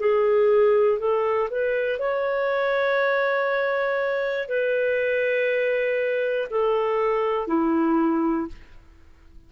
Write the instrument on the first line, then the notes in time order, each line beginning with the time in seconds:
clarinet
0.00 G#4
0.99 A4
1.50 B4
1.99 C#5
4.48 B4
6.50 A4
7.48 E4